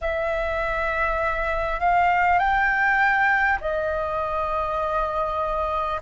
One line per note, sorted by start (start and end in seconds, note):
0.01 1.79 E5
1.79 2.38 F5
2.38 3.58 G5
3.60 6.00 D#5